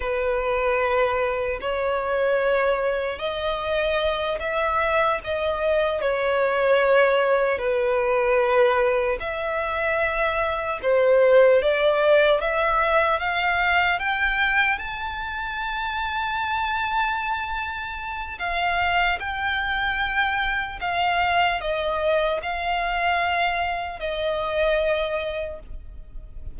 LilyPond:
\new Staff \with { instrumentName = "violin" } { \time 4/4 \tempo 4 = 75 b'2 cis''2 | dis''4. e''4 dis''4 cis''8~ | cis''4. b'2 e''8~ | e''4. c''4 d''4 e''8~ |
e''8 f''4 g''4 a''4.~ | a''2. f''4 | g''2 f''4 dis''4 | f''2 dis''2 | }